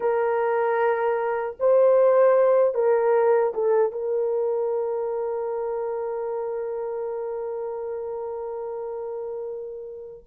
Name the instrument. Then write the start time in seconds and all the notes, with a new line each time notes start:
horn
0.00 A#4
1.59 C5
2.74 A#4
3.53 A4
3.92 A#4